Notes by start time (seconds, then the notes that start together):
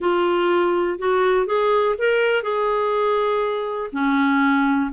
0.00 F4
0.98 F#4
1.46 G#4
1.98 A#4
2.43 G#4
3.92 C#4